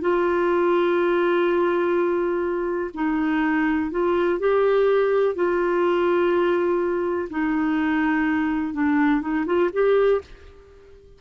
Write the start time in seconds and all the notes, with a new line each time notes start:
0.00 F4
2.94 D#4
3.91 F4
4.39 G4
5.35 F4
7.29 D#4
8.73 D4
9.21 D#4
9.46 F4
9.73 G4